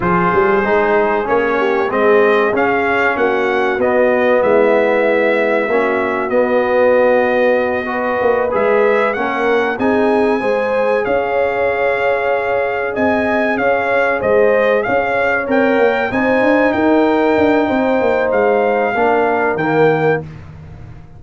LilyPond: <<
  \new Staff \with { instrumentName = "trumpet" } { \time 4/4 \tempo 4 = 95 c''2 cis''4 dis''4 | f''4 fis''4 dis''4 e''4~ | e''2 dis''2~ | dis''4. e''4 fis''4 gis''8~ |
gis''4. f''2~ f''8~ | f''8 gis''4 f''4 dis''4 f''8~ | f''8 g''4 gis''4 g''4.~ | g''4 f''2 g''4 | }
  \new Staff \with { instrumentName = "horn" } { \time 4/4 gis'2~ gis'8 g'8 gis'4~ | gis'4 fis'2 e'4~ | e'4 fis'2.~ | fis'8 b'2 ais'4 gis'8~ |
gis'8 c''4 cis''2~ cis''8~ | cis''8 dis''4 cis''4 c''4 cis''8~ | cis''4. c''4 ais'4. | c''2 ais'2 | }
  \new Staff \with { instrumentName = "trombone" } { \time 4/4 f'4 dis'4 cis'4 c'4 | cis'2 b2~ | b4 cis'4 b2~ | b8 fis'4 gis'4 cis'4 dis'8~ |
dis'8 gis'2.~ gis'8~ | gis'1~ | gis'8 ais'4 dis'2~ dis'8~ | dis'2 d'4 ais4 | }
  \new Staff \with { instrumentName = "tuba" } { \time 4/4 f8 g8 gis4 ais4 gis4 | cis'4 ais4 b4 gis4~ | gis4 ais4 b2~ | b4 ais8 gis4 ais4 c'8~ |
c'8 gis4 cis'2~ cis'8~ | cis'8 c'4 cis'4 gis4 cis'8~ | cis'8 c'8 ais8 c'8 d'8 dis'4 d'8 | c'8 ais8 gis4 ais4 dis4 | }
>>